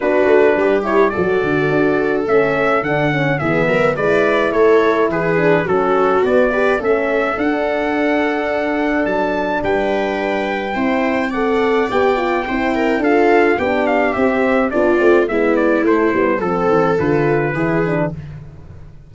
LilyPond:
<<
  \new Staff \with { instrumentName = "trumpet" } { \time 4/4 \tempo 4 = 106 b'4. cis''8 d''2 | e''4 fis''4 e''4 d''4 | cis''4 b'4 a'4 d''4 | e''4 fis''2. |
a''4 g''2. | fis''4 g''2 f''4 | g''8 f''8 e''4 d''4 e''8 d''8 | c''4 a'4 b'2 | }
  \new Staff \with { instrumentName = "viola" } { \time 4/4 fis'4 g'4 a'2~ | a'2 gis'8 ais'8 b'4 | a'4 gis'4 fis'4. b'8 | a'1~ |
a'4 b'2 c''4 | d''2 c''8 ais'8 a'4 | g'2 f'4 e'4~ | e'4 a'2 gis'4 | }
  \new Staff \with { instrumentName = "horn" } { \time 4/4 d'4. e'8 fis'2 | cis'4 d'8 cis'8 b4 e'4~ | e'4. d'8 cis'4 b8 g'8 | cis'4 d'2.~ |
d'2. e'4 | a'4 g'8 f'8 e'4 f'4 | d'4 c'4 d'8 c'8 b4 | a8 b8 c'4 f'4 e'8 d'8 | }
  \new Staff \with { instrumentName = "tuba" } { \time 4/4 b8 a8 g4 fis8 d8 d'4 | a4 d4 e8 fis8 gis4 | a4 e4 fis4 b4 | a4 d'2. |
fis4 g2 c'4~ | c'4 b4 c'4 d'4 | b4 c'4 b8 a8 gis4 | a8 g8 f8 e8 d4 e4 | }
>>